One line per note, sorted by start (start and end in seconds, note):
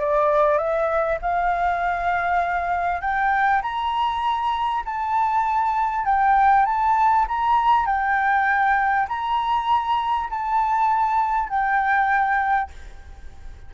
0.00 0.58 D5
0.58 1.19 E5
1.22 3.01 F5
3.01 3.62 G5
3.63 4.84 A#5
4.86 6.06 A5
6.06 6.66 G5
6.66 7.26 A5
7.28 7.87 A#5
7.87 9.08 G5
9.09 10.30 A#5
10.30 11.50 A5
11.50 12.71 G5